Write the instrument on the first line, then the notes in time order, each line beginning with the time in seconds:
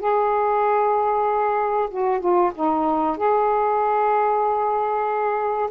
saxophone
0.00 G#4
1.91 F#4
2.20 F4
2.55 D#4
3.18 G#4